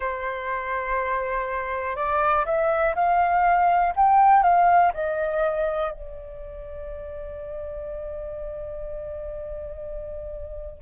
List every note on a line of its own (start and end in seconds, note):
0.00 1.95 C5
1.95 2.45 D5
2.45 2.95 E5
2.95 3.93 F5
3.96 4.43 G5
4.43 4.92 F5
4.93 5.92 D#5
5.92 10.81 D5